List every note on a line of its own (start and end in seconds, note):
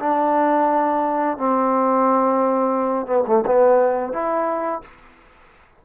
0.00 1.38 D4
1.38 3.07 C4
3.07 3.24 B3
3.28 3.45 A3
3.46 4.13 B3
4.13 4.82 E4